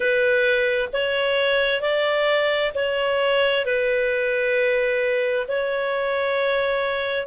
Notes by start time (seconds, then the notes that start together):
0.00 B4
0.92 C#5
1.81 D5
2.74 C#5
3.65 B4
5.48 C#5